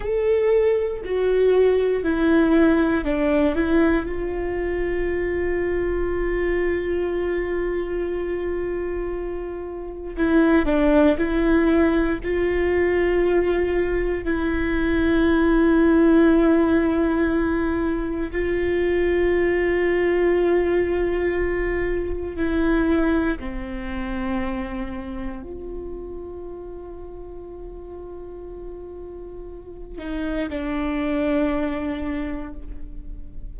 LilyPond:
\new Staff \with { instrumentName = "viola" } { \time 4/4 \tempo 4 = 59 a'4 fis'4 e'4 d'8 e'8 | f'1~ | f'2 e'8 d'8 e'4 | f'2 e'2~ |
e'2 f'2~ | f'2 e'4 c'4~ | c'4 f'2.~ | f'4. dis'8 d'2 | }